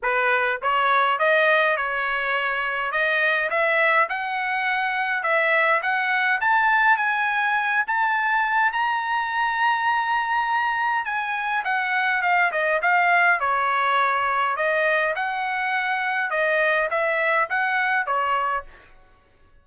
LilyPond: \new Staff \with { instrumentName = "trumpet" } { \time 4/4 \tempo 4 = 103 b'4 cis''4 dis''4 cis''4~ | cis''4 dis''4 e''4 fis''4~ | fis''4 e''4 fis''4 a''4 | gis''4. a''4. ais''4~ |
ais''2. gis''4 | fis''4 f''8 dis''8 f''4 cis''4~ | cis''4 dis''4 fis''2 | dis''4 e''4 fis''4 cis''4 | }